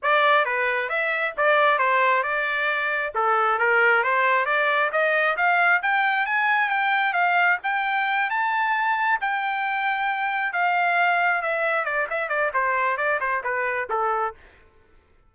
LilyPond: \new Staff \with { instrumentName = "trumpet" } { \time 4/4 \tempo 4 = 134 d''4 b'4 e''4 d''4 | c''4 d''2 a'4 | ais'4 c''4 d''4 dis''4 | f''4 g''4 gis''4 g''4 |
f''4 g''4. a''4.~ | a''8 g''2. f''8~ | f''4. e''4 d''8 e''8 d''8 | c''4 d''8 c''8 b'4 a'4 | }